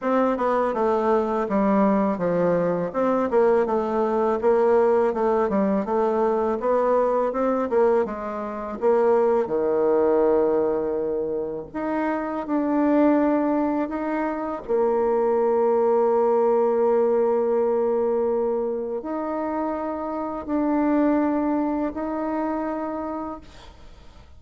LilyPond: \new Staff \with { instrumentName = "bassoon" } { \time 4/4 \tempo 4 = 82 c'8 b8 a4 g4 f4 | c'8 ais8 a4 ais4 a8 g8 | a4 b4 c'8 ais8 gis4 | ais4 dis2. |
dis'4 d'2 dis'4 | ais1~ | ais2 dis'2 | d'2 dis'2 | }